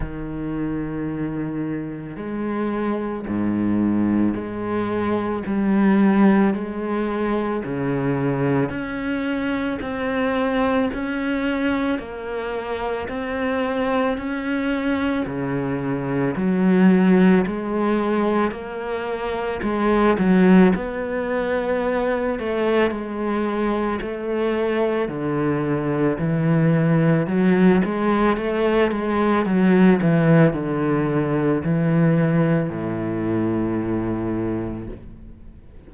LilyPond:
\new Staff \with { instrumentName = "cello" } { \time 4/4 \tempo 4 = 55 dis2 gis4 gis,4 | gis4 g4 gis4 cis4 | cis'4 c'4 cis'4 ais4 | c'4 cis'4 cis4 fis4 |
gis4 ais4 gis8 fis8 b4~ | b8 a8 gis4 a4 d4 | e4 fis8 gis8 a8 gis8 fis8 e8 | d4 e4 a,2 | }